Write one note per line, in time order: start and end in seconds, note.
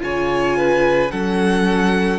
0.00 1.12 C#3
0.00 1.09 F4
0.00 0.57 C#5
0.00 1.11 G#5
0.57 1.12 B4
1.11 2.19 F#3
1.11 2.19 C#4
1.11 2.19 A4
1.11 2.19 F#5